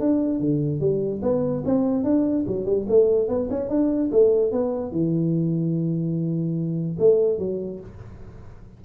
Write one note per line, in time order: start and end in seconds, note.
0.00 0.40 D4
0.40 0.80 D3
0.80 1.21 G3
1.22 1.63 B3
1.66 2.04 C4
2.04 2.45 D4
2.47 2.66 F#3
2.66 2.86 G3
2.89 3.28 A3
3.28 3.49 B3
3.50 3.69 C#4
3.69 4.10 D4
4.12 4.52 A3
4.52 4.91 B3
4.91 6.97 E3
6.99 7.39 A3
7.39 7.80 F#3